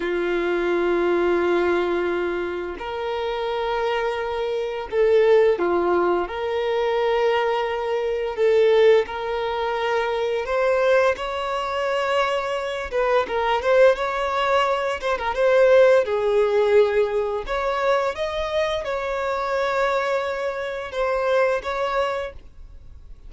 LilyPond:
\new Staff \with { instrumentName = "violin" } { \time 4/4 \tempo 4 = 86 f'1 | ais'2. a'4 | f'4 ais'2. | a'4 ais'2 c''4 |
cis''2~ cis''8 b'8 ais'8 c''8 | cis''4. c''16 ais'16 c''4 gis'4~ | gis'4 cis''4 dis''4 cis''4~ | cis''2 c''4 cis''4 | }